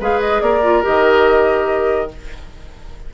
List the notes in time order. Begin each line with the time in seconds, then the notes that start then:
0.00 G#3 G#4 B4 F5
0.21 D#5
0.42 A#3 A#4 D5
0.63 F4
0.83 D#3 G4 D#5